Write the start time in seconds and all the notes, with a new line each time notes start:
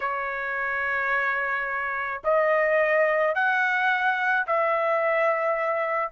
0.00 C#5
2.24 D#5
3.34 F#5
4.46 E5